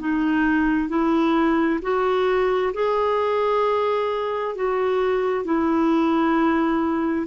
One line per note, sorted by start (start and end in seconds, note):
0.00 0.89 D#4
0.89 1.80 E4
1.83 2.74 F#4
2.74 4.56 G#4
4.56 5.45 F#4
5.45 7.27 E4